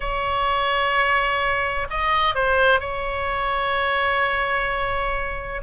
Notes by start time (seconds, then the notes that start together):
0.00 C#5
1.90 D#5
2.34 C5
2.80 C#5